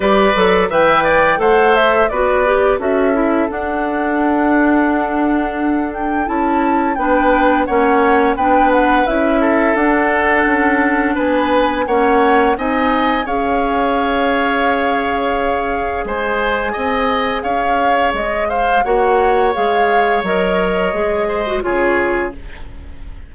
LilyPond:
<<
  \new Staff \with { instrumentName = "flute" } { \time 4/4 \tempo 4 = 86 d''4 g''4 fis''8 e''8 d''4 | e''4 fis''2.~ | fis''8 g''8 a''4 g''4 fis''4 | g''8 fis''8 e''4 fis''2 |
gis''4 fis''4 gis''4 f''4~ | f''2. gis''4~ | gis''4 f''4 dis''8 f''8 fis''4 | f''4 dis''2 cis''4 | }
  \new Staff \with { instrumentName = "oboe" } { \time 4/4 b'4 e''8 d''8 c''4 b'4 | a'1~ | a'2 b'4 cis''4 | b'4. a'2~ a'8 |
b'4 cis''4 dis''4 cis''4~ | cis''2. c''4 | dis''4 cis''4. c''8 cis''4~ | cis''2~ cis''8 c''8 gis'4 | }
  \new Staff \with { instrumentName = "clarinet" } { \time 4/4 g'8 a'8 b'4 a'4 fis'8 g'8 | fis'8 e'8 d'2.~ | d'4 e'4 d'4 cis'4 | d'4 e'4 d'2~ |
d'4 cis'4 dis'4 gis'4~ | gis'1~ | gis'2. fis'4 | gis'4 ais'4 gis'8. fis'16 f'4 | }
  \new Staff \with { instrumentName = "bassoon" } { \time 4/4 g8 fis8 e4 a4 b4 | cis'4 d'2.~ | d'4 cis'4 b4 ais4 | b4 cis'4 d'4 cis'4 |
b4 ais4 c'4 cis'4~ | cis'2. gis4 | c'4 cis'4 gis4 ais4 | gis4 fis4 gis4 cis4 | }
>>